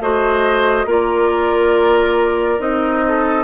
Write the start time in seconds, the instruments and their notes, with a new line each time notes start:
0.00 bassoon A3, clarinet F#4, oboe C5, flute D#5
0.86 bassoon A#3, clarinet F4, oboe A#4, flute D5
2.59 bassoon C4, clarinet D#4, flute D#5
3.08 oboe A4